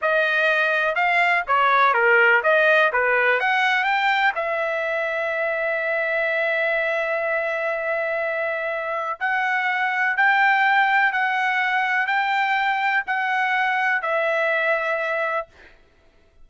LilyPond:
\new Staff \with { instrumentName = "trumpet" } { \time 4/4 \tempo 4 = 124 dis''2 f''4 cis''4 | ais'4 dis''4 b'4 fis''4 | g''4 e''2.~ | e''1~ |
e''2. fis''4~ | fis''4 g''2 fis''4~ | fis''4 g''2 fis''4~ | fis''4 e''2. | }